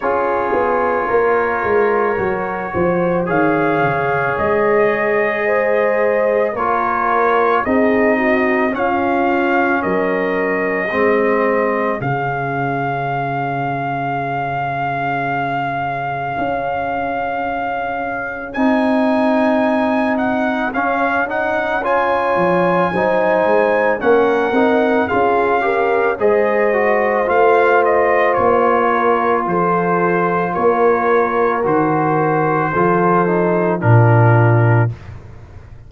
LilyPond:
<<
  \new Staff \with { instrumentName = "trumpet" } { \time 4/4 \tempo 4 = 55 cis''2. f''4 | dis''2 cis''4 dis''4 | f''4 dis''2 f''4~ | f''1~ |
f''4 gis''4. fis''8 f''8 fis''8 | gis''2 fis''4 f''4 | dis''4 f''8 dis''8 cis''4 c''4 | cis''4 c''2 ais'4 | }
  \new Staff \with { instrumentName = "horn" } { \time 4/4 gis'4 ais'4. c''8 cis''4~ | cis''4 c''4 ais'4 gis'8 fis'8 | f'4 ais'4 gis'2~ | gis'1~ |
gis'1 | cis''4 c''4 ais'4 gis'8 ais'8 | c''2~ c''8 ais'8 a'4 | ais'2 a'4 f'4 | }
  \new Staff \with { instrumentName = "trombone" } { \time 4/4 f'2 fis'4 gis'4~ | gis'2 f'4 dis'4 | cis'2 c'4 cis'4~ | cis'1~ |
cis'4 dis'2 cis'8 dis'8 | f'4 dis'4 cis'8 dis'8 f'8 g'8 | gis'8 fis'8 f'2.~ | f'4 fis'4 f'8 dis'8 d'4 | }
  \new Staff \with { instrumentName = "tuba" } { \time 4/4 cis'8 b8 ais8 gis8 fis8 f8 dis8 cis8 | gis2 ais4 c'4 | cis'4 fis4 gis4 cis4~ | cis2. cis'4~ |
cis'4 c'2 cis'4~ | cis'8 f8 fis8 gis8 ais8 c'8 cis'4 | gis4 a4 ais4 f4 | ais4 dis4 f4 ais,4 | }
>>